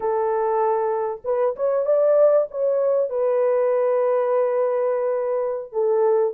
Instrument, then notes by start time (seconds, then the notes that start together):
horn
0.00 A4
1.24 B4
1.56 C#5
1.85 D5
2.51 C#5
3.09 B4
5.72 A4